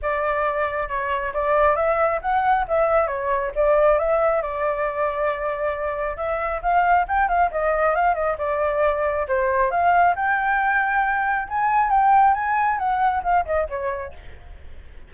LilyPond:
\new Staff \with { instrumentName = "flute" } { \time 4/4 \tempo 4 = 136 d''2 cis''4 d''4 | e''4 fis''4 e''4 cis''4 | d''4 e''4 d''2~ | d''2 e''4 f''4 |
g''8 f''8 dis''4 f''8 dis''8 d''4~ | d''4 c''4 f''4 g''4~ | g''2 gis''4 g''4 | gis''4 fis''4 f''8 dis''8 cis''4 | }